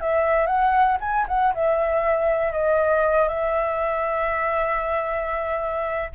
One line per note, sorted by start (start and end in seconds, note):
0.00 0.46 E5
0.46 0.97 F#5
1.00 1.25 G#5
1.28 1.53 F#5
1.54 2.52 E5
2.52 3.28 D#5
3.28 6.10 E5